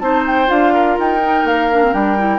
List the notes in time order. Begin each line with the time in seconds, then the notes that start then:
0.00 C4 D#4 C5 A5
0.27 G5
0.47 D4 F4 F5
0.74 A#4
0.99 D#4 G5
1.24 D#4
1.44 A#3 F5
1.72 D4
1.84 C4
1.93 G3 D4 G5
2.18 E4